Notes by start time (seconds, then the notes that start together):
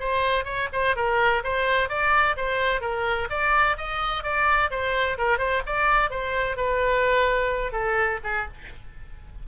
0.00 C5
0.45 C#5
0.73 C5
0.96 A#4
1.44 C5
1.89 D5
2.37 C5
2.81 A#4
3.30 D5
3.78 D#5
4.23 D5
4.71 C5
5.18 A#4
5.38 C5
5.66 D5
6.10 C5
6.57 B4
7.72 A4
8.24 G#4